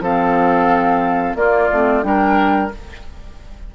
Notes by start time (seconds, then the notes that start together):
0.00 F3 C4 A4 F5
1.35 A#3 F4 D5
1.72 A3 C4
2.02 G3 D4 A#4 G5